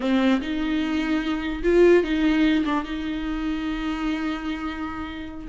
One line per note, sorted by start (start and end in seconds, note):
0.00 0.40 C4
0.41 1.62 D#4
1.63 2.03 F4
2.03 2.64 D#4
2.65 2.84 D4
2.84 5.47 D#4